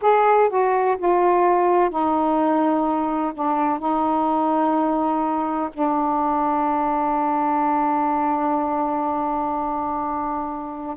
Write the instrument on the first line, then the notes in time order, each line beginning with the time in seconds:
saxophone
0.01 G#4
0.49 F#4
0.98 F4
1.90 D#4
3.34 D4
3.78 D#4
5.73 D4